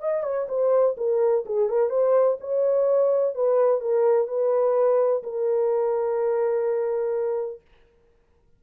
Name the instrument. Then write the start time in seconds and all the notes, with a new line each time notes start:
horn
0.00 D#5
0.23 C#5
0.49 C5
0.97 A#4
1.46 G#4
1.69 A#4
1.90 C5
2.40 C#5
3.35 B4
3.81 A#4
4.28 B4
5.23 A#4